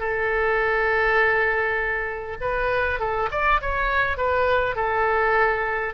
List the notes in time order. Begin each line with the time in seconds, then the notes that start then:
0.00 A4
2.41 B4
3.00 A4
3.32 D5
3.61 C#5
4.18 B4
4.76 A4